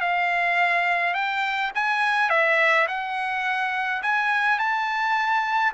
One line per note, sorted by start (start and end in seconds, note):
0.00 1.14 F5
1.14 1.71 G5
1.75 2.29 G#5
2.29 2.86 E5
2.87 4.02 F#5
4.02 4.58 G#5
4.58 5.73 A5